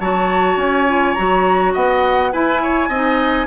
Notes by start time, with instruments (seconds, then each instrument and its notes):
0.00 bassoon F#3, clarinet F#4, oboe C#5, flute A5
0.57 bassoon C#4, flute G#5
0.88 clarinet F4
1.14 bassoon F#3, clarinet F#4, flute A#5
1.73 bassoon B3, oboe D#5, flute F#5
2.32 clarinet E4, bassoon E4, oboe B4, flute G#5
2.63 oboe C#5
2.89 bassoon C4, clarinet D#4, oboe D#5